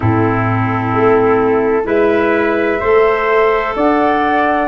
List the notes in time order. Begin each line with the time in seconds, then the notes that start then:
0.00 A2 C4 E4 A4
0.93 A3
1.83 G#3 E4 B4 E5
2.80 A3 A4 C5
3.76 D4 D5 F#5